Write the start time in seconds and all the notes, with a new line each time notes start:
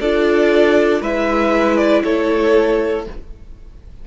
0.00 D4 F4 A4 D5
1.01 G#3 E4 B4 E5
1.77 D5
2.03 A3 A4 C#5